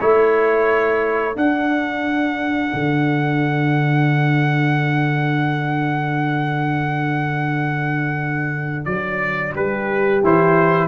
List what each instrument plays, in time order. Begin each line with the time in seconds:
0.00 tuba A3, trombone E4, horn A4, trumpet C#5
1.33 trombone D4, tuba D4, trumpet F#5
2.74 tuba D3
8.85 tuba F#3, trumpet D5
9.54 tuba G3, horn G4, trumpet B4
10.24 tuba E3, trombone E4, trumpet C5